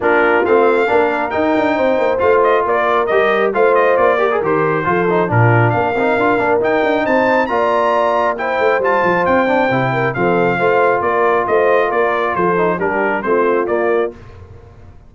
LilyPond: <<
  \new Staff \with { instrumentName = "trumpet" } { \time 4/4 \tempo 4 = 136 ais'4 f''2 g''4~ | g''4 f''8 dis''8 d''4 dis''4 | f''8 dis''8 d''4 c''2 | ais'4 f''2 g''4 |
a''4 ais''2 g''4 | a''4 g''2 f''4~ | f''4 d''4 dis''4 d''4 | c''4 ais'4 c''4 d''4 | }
  \new Staff \with { instrumentName = "horn" } { \time 4/4 f'2 ais'2 | c''2 ais'2 | c''4. ais'4. a'4 | f'4 ais'2. |
c''4 d''2 c''4~ | c''2~ c''8 ais'8 a'4 | c''4 ais'4 c''4 ais'4 | a'4 g'4 f'2 | }
  \new Staff \with { instrumentName = "trombone" } { \time 4/4 d'4 c'4 d'4 dis'4~ | dis'4 f'2 g'4 | f'4. g'16 gis'16 g'4 f'8 dis'8 | d'4. dis'8 f'8 d'8 dis'4~ |
dis'4 f'2 e'4 | f'4. d'8 e'4 c'4 | f'1~ | f'8 dis'8 d'4 c'4 ais4 | }
  \new Staff \with { instrumentName = "tuba" } { \time 4/4 ais4 a4 ais4 dis'8 d'8 | c'8 ais8 a4 ais4 g4 | a4 ais4 dis4 f4 | ais,4 ais8 c'8 d'8 ais8 dis'8 d'8 |
c'4 ais2~ ais8 a8 | g8 f8 c'4 c4 f4 | a4 ais4 a4 ais4 | f4 g4 a4 ais4 | }
>>